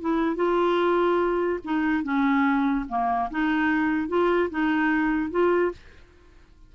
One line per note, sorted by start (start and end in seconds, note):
0.00 0.35 E4
0.35 1.59 F4
1.64 2.03 D#4
2.03 2.85 C#4
2.88 3.30 A#3
3.30 4.08 D#4
4.08 4.49 F4
4.50 5.30 D#4
5.30 5.71 F4